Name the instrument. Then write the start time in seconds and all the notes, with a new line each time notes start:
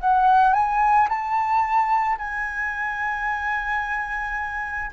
flute
0.00 F#5
0.54 G#5
1.09 A5
2.18 G#5